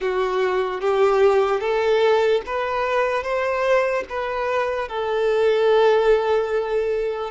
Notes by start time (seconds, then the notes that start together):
0.00 F#4
0.81 G4
1.60 A4
2.46 B4
3.22 C5
4.09 B4
4.88 A4